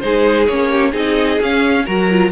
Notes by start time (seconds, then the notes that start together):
0.00 G#3 D#4 G#4 C5
0.47 A#3 C#4 C#5
0.71 G4
0.91 C4 D#4 G#4 D#5
1.40 C#4 F5
1.85 F#3 F#4 A#4 A#5
2.11 F4